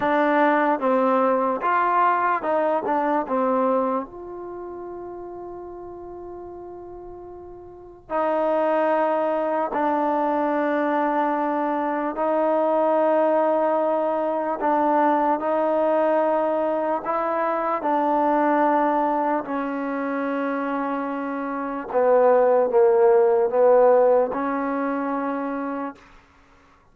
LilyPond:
\new Staff \with { instrumentName = "trombone" } { \time 4/4 \tempo 4 = 74 d'4 c'4 f'4 dis'8 d'8 | c'4 f'2.~ | f'2 dis'2 | d'2. dis'4~ |
dis'2 d'4 dis'4~ | dis'4 e'4 d'2 | cis'2. b4 | ais4 b4 cis'2 | }